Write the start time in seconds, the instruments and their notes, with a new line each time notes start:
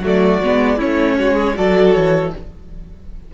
0.00 cello F#3, viola A3, violin F#4
0.06 violin D5
0.43 cello G#3, viola B3
0.77 viola C#4, violin E4 C#5
0.84 cello A3
1.18 cello G#3, violin F#4
1.34 violin G#4
1.55 cello F#3, viola F#4, violin A4 D5
1.93 cello E3, violin C#5